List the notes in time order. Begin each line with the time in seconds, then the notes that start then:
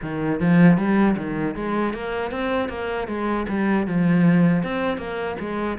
0.01 D#3
0.40 F3
0.77 G3
1.16 D#3
1.55 G#3
1.93 A#3
2.31 C4
2.69 A#3
3.07 G#3
3.48 G3
3.87 F3
4.63 C4
4.97 A#3
5.39 G#3